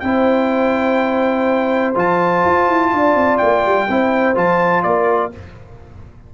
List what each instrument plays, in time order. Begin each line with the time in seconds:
0.00 tuba C4, trombone E4, horn C5, trumpet G5
1.95 tuba F3, trombone F4, trumpet A5
2.45 tuba F4
2.68 tuba E4
2.93 tuba D4, horn D5
3.15 tuba C4
3.37 tuba A#3, trumpet G5
3.66 tuba G3
3.89 tuba C4, trombone E4, horn C5
4.35 tuba F3, trombone F4, trumpet A5
4.83 tuba A#3, horn A#4, trumpet D5